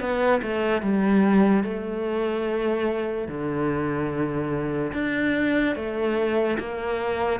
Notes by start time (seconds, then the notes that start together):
0.00 B3
0.42 A3
0.82 G3
1.63 A3
3.28 D3
4.93 D4
5.75 A3
6.59 A#3